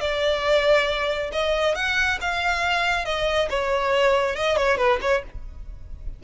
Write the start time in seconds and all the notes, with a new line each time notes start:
0.00 D5
1.32 D#5
1.75 F#5
2.20 F5
3.05 D#5
3.49 C#5
4.35 D#5
4.56 C#5
4.77 B4
5.01 C#5